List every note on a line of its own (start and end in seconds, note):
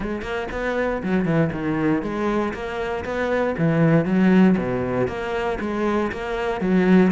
0.00 0.21 G#3
0.21 0.47 A#3
0.51 1.02 B3
1.02 1.25 F#3
1.25 1.50 E3
1.52 2.02 D#3
2.02 2.53 G#3
2.53 3.04 A#3
3.04 3.55 B3
3.58 4.05 E3
4.05 4.56 F#3
4.57 5.07 B2
5.07 5.58 A#3
5.60 6.11 G#3
6.12 6.61 A#3
6.61 7.11 F#3